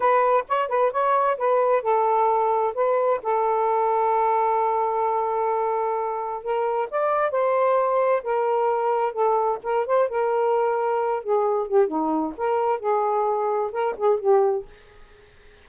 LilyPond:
\new Staff \with { instrumentName = "saxophone" } { \time 4/4 \tempo 4 = 131 b'4 cis''8 b'8 cis''4 b'4 | a'2 b'4 a'4~ | a'1~ | a'2 ais'4 d''4 |
c''2 ais'2 | a'4 ais'8 c''8 ais'2~ | ais'8 gis'4 g'8 dis'4 ais'4 | gis'2 ais'8 gis'8 g'4 | }